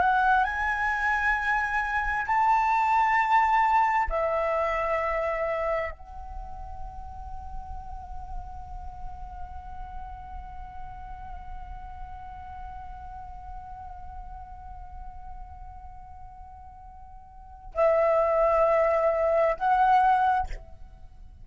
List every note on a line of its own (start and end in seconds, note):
0.00 0.44 F#5
0.44 2.26 G#5
2.26 4.08 A5
4.10 5.91 E5
5.91 17.73 F#5
17.74 19.56 E5
19.56 20.47 F#5